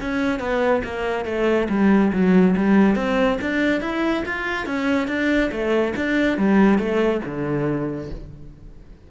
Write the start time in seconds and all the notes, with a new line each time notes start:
0.00 C#4
0.39 B3
0.84 A#3
1.25 A3
1.69 G3
2.12 F#3
2.56 G3
2.95 C4
3.41 D4
3.81 E4
4.25 F4
4.65 C#4
5.07 D4
5.51 A3
5.96 D4
6.37 G3
6.78 A3
7.25 D3